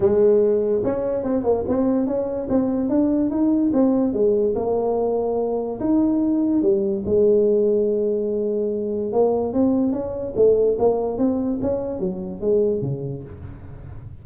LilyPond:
\new Staff \with { instrumentName = "tuba" } { \time 4/4 \tempo 4 = 145 gis2 cis'4 c'8 ais8 | c'4 cis'4 c'4 d'4 | dis'4 c'4 gis4 ais4~ | ais2 dis'2 |
g4 gis2.~ | gis2 ais4 c'4 | cis'4 a4 ais4 c'4 | cis'4 fis4 gis4 cis4 | }